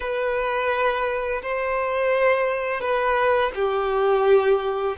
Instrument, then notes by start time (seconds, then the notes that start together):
violin
0.00 B4
1.42 C5
2.80 B4
3.55 G4